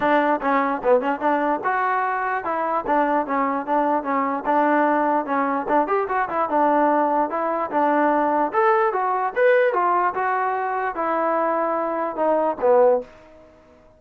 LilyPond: \new Staff \with { instrumentName = "trombone" } { \time 4/4 \tempo 4 = 148 d'4 cis'4 b8 cis'8 d'4 | fis'2 e'4 d'4 | cis'4 d'4 cis'4 d'4~ | d'4 cis'4 d'8 g'8 fis'8 e'8 |
d'2 e'4 d'4~ | d'4 a'4 fis'4 b'4 | f'4 fis'2 e'4~ | e'2 dis'4 b4 | }